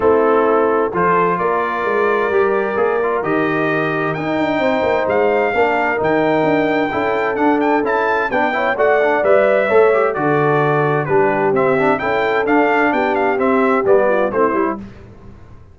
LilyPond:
<<
  \new Staff \with { instrumentName = "trumpet" } { \time 4/4 \tempo 4 = 130 a'2 c''4 d''4~ | d''2. dis''4~ | dis''4 g''2 f''4~ | f''4 g''2. |
fis''8 g''8 a''4 g''4 fis''4 | e''2 d''2 | b'4 e''4 g''4 f''4 | g''8 f''8 e''4 d''4 c''4 | }
  \new Staff \with { instrumentName = "horn" } { \time 4/4 e'2 a'4 ais'4~ | ais'1~ | ais'2 c''2 | ais'2. a'4~ |
a'2 b'8 cis''8 d''4~ | d''4 cis''4 a'2 | g'2 a'2 | g'2~ g'8 f'8 e'4 | }
  \new Staff \with { instrumentName = "trombone" } { \time 4/4 c'2 f'2~ | f'4 g'4 gis'8 f'8 g'4~ | g'4 dis'2. | d'4 dis'2 e'4 |
d'4 e'4 d'8 e'8 fis'8 d'8 | b'4 a'8 g'8 fis'2 | d'4 c'8 d'8 e'4 d'4~ | d'4 c'4 b4 c'8 e'8 | }
  \new Staff \with { instrumentName = "tuba" } { \time 4/4 a2 f4 ais4 | gis4 g4 ais4 dis4~ | dis4 dis'8 d'8 c'8 ais8 gis4 | ais4 dis4 d'4 cis'4 |
d'4 cis'4 b4 a4 | g4 a4 d2 | g4 c'4 cis'4 d'4 | b4 c'4 g4 a8 g8 | }
>>